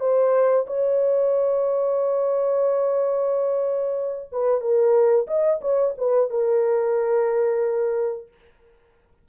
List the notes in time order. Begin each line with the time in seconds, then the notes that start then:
0.00 C5
0.67 C#5
4.32 B4
4.60 A#4
5.27 D#5
5.61 C#5
5.97 B4
6.30 A#4